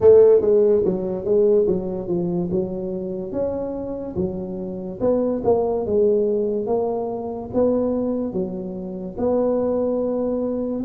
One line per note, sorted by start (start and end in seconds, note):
0.00 0.41 A3
0.41 0.82 G#3
0.84 1.25 F#3
1.25 1.66 G#3
1.67 2.08 F#3
2.08 2.49 F3
2.51 3.31 F#3
3.31 4.15 C#4
4.16 4.99 F#3
5.00 5.42 B3
5.44 5.85 A#3
5.85 6.66 G#3
6.66 7.50 A#3
7.53 8.32 B3
8.32 9.16 F#3
9.17 10.84 B3